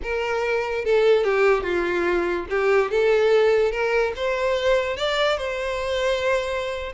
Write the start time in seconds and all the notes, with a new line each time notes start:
0.02 A#4
0.84 A4
1.24 G4
1.63 F4
2.49 G4
2.90 A4
3.71 A#4
4.16 C5
4.97 D5
5.37 C5